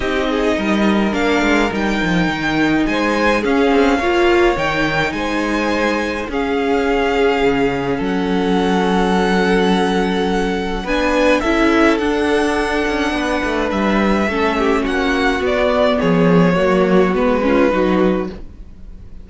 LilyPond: <<
  \new Staff \with { instrumentName = "violin" } { \time 4/4 \tempo 4 = 105 dis''2 f''4 g''4~ | g''4 gis''4 f''2 | g''4 gis''2 f''4~ | f''2 fis''2~ |
fis''2. gis''4 | e''4 fis''2. | e''2 fis''4 d''4 | cis''2 b'2 | }
  \new Staff \with { instrumentName = "violin" } { \time 4/4 g'8 gis'8 ais'2.~ | ais'4 c''4 gis'4 cis''4~ | cis''4 c''2 gis'4~ | gis'2 a'2~ |
a'2. b'4 | a'2. b'4~ | b'4 a'8 g'8 fis'2 | gis'4 fis'4. f'8 fis'4 | }
  \new Staff \with { instrumentName = "viola" } { \time 4/4 dis'2 d'4 dis'4~ | dis'2 cis'4 f'4 | dis'2. cis'4~ | cis'1~ |
cis'2. d'4 | e'4 d'2.~ | d'4 cis'2 b4~ | b4 ais4 b8 cis'8 dis'4 | }
  \new Staff \with { instrumentName = "cello" } { \time 4/4 c'4 g4 ais8 gis8 g8 f8 | dis4 gis4 cis'8 c'8 ais4 | dis4 gis2 cis'4~ | cis'4 cis4 fis2~ |
fis2. b4 | cis'4 d'4. cis'8 b8 a8 | g4 a4 ais4 b4 | f4 fis4 gis4 fis4 | }
>>